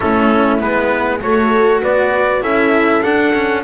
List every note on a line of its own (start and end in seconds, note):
0.00 0.61 A3
0.00 0.59 C#4
0.00 1.21 E4
0.00 0.59 A4
0.59 1.21 G#3
0.59 1.20 B3
0.59 1.21 B4
1.20 1.82 A3
1.20 2.41 F#4
1.20 1.82 A4
1.20 1.82 C#5
1.82 2.42 B3
1.82 2.42 B4
1.82 2.43 D5
2.41 3.02 C#4
2.41 3.02 E4
2.41 3.63 A4
2.41 3.02 E5
3.02 3.33 D4
3.02 3.63 D4
3.02 3.63 F#5
3.33 3.63 C#4